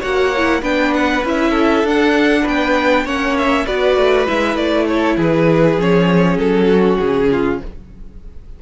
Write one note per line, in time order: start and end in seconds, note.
0.00 0.62 A#3
0.00 0.33 F#4
0.00 0.61 C#5
0.00 0.62 F#5
0.37 0.62 E4
0.61 1.23 B3
0.61 1.22 D4
0.61 1.50 B4
0.61 0.94 G5
0.94 1.24 F#5
1.23 1.83 C#4
1.23 1.86 E4
1.23 1.87 E5
1.50 2.41 A4
1.83 2.44 D4
1.83 3.06 D4
1.83 2.47 F#5
2.42 3.05 B3
2.42 3.03 B4
2.42 3.06 G5
3.05 3.66 A#3
3.05 3.66 C#4
3.05 3.65 C#5
3.05 3.37 F#5
3.37 3.66 E5
3.66 3.97 B3
3.66 4.26 F#4
3.66 4.87 B4
3.66 4.27 D5
3.97 4.27 A3
4.26 4.55 G#3
4.26 5.78 E4
4.26 4.56 E5
4.55 5.16 A3
4.55 4.87 D5
4.87 5.17 A4
4.87 5.17 C#5
5.17 5.77 E3
5.17 6.66 G#4
5.17 5.80 B4
5.77 6.37 F3
5.77 7.60 C#4
5.77 6.37 C#5
6.37 6.98 F#3
6.37 6.98 A4
6.66 7.27 F#4
6.98 7.61 C#3
6.98 7.59 G#4
7.31 7.62 F4